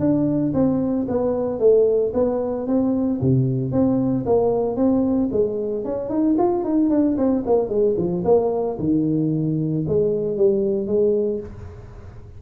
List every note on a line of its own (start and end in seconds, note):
0.00 0.53 D4
0.54 1.07 C4
1.09 1.60 B3
1.60 2.13 A3
2.14 2.67 B3
2.67 3.21 C4
3.21 3.72 C3
3.72 4.25 C4
4.26 4.76 A#3
4.76 5.30 C4
5.32 5.85 G#3
5.85 6.10 C#4
6.10 6.36 D#4
6.38 6.65 F4
6.65 6.90 D#4
6.90 7.17 D4
7.18 7.44 C4
7.47 7.69 A#3
7.69 7.96 G#3
7.98 8.24 F3
8.25 8.78 A#3
8.79 9.85 D#3
9.88 10.37 G#3
10.37 10.87 G3
10.87 11.40 G#3